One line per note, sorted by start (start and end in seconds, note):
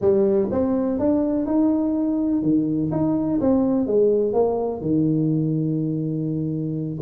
0.01 0.49 G3
0.51 0.99 C4
0.99 1.46 D4
1.46 2.42 D#4
2.42 2.91 D#3
2.91 3.39 D#4
3.40 3.86 C4
3.86 4.33 G#3
4.33 4.81 A#3
4.81 6.98 D#3